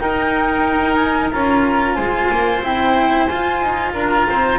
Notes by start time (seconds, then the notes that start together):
0.00 D#4 A#4 G5
0.95 G#5
1.32 C#4 F4 A#5
1.95 G#3 C5 G#5
2.31 A#3
2.62 C4 E4 G5
3.26 F4 G#5
3.62 D#4
3.94 D4 A#4 A#5
4.30 C4 C5